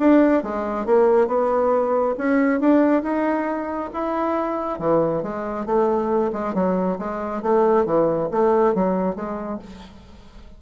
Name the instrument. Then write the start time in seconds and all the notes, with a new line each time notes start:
bassoon
0.00 D4
0.44 G#3
0.86 A#3
1.28 B3
2.18 C#4
2.61 D4
3.03 D#4
3.94 E4
4.79 E3
5.23 G#3
5.66 A3
6.33 G#3
6.55 F#3
6.99 G#3
7.43 A3
7.86 E3
8.32 A3
8.75 F#3
9.16 G#3